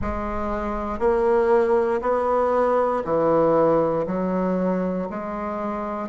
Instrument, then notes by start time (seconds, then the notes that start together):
bassoon
0.01 G#3
0.99 A#3
2.01 B3
3.04 E3
4.06 F#3
5.10 G#3